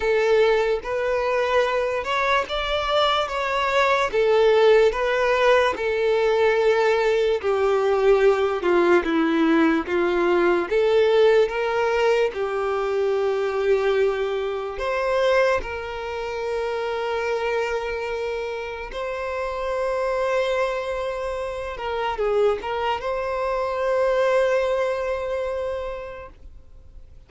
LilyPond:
\new Staff \with { instrumentName = "violin" } { \time 4/4 \tempo 4 = 73 a'4 b'4. cis''8 d''4 | cis''4 a'4 b'4 a'4~ | a'4 g'4. f'8 e'4 | f'4 a'4 ais'4 g'4~ |
g'2 c''4 ais'4~ | ais'2. c''4~ | c''2~ c''8 ais'8 gis'8 ais'8 | c''1 | }